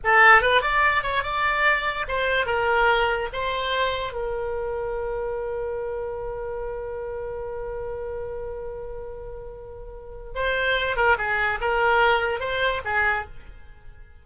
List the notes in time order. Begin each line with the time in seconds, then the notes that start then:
0.03 A4
0.41 B4
0.61 D5
1.03 C#5
1.23 D5
2.08 C5
2.46 A#4
3.33 C5
4.12 A#4
10.34 C5
10.96 A#4
11.18 G#4
11.60 A#4
12.40 C5
12.84 G#4